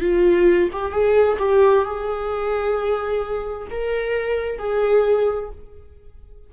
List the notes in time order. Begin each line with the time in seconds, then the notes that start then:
0.00 F4
0.72 G4
0.91 G#4
1.38 G4
1.84 G#4
3.70 A#4
4.58 G#4